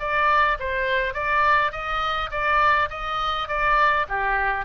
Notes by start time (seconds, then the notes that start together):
0.00 D5
0.60 C5
1.14 D5
1.72 D#5
2.31 D5
2.90 D#5
3.48 D5
4.09 G4